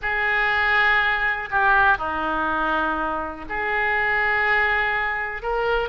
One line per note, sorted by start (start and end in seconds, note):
0.01 1.49 G#4
1.50 1.97 G4
1.97 3.45 D#4
3.49 5.42 G#4
5.42 5.89 A#4